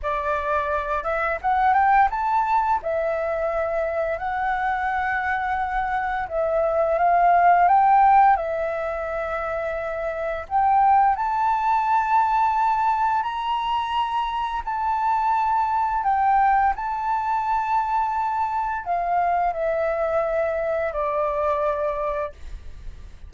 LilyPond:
\new Staff \with { instrumentName = "flute" } { \time 4/4 \tempo 4 = 86 d''4. e''8 fis''8 g''8 a''4 | e''2 fis''2~ | fis''4 e''4 f''4 g''4 | e''2. g''4 |
a''2. ais''4~ | ais''4 a''2 g''4 | a''2. f''4 | e''2 d''2 | }